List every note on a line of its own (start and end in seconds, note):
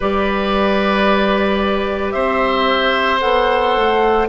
0.00 2.14 G3
0.00 3.20 G4
0.00 2.13 B4
0.00 2.11 D5
2.11 3.21 C4
2.11 4.28 C5
2.11 3.19 E5
3.19 3.76 B3
3.19 4.27 A4
3.19 4.26 F#5
3.76 4.28 A3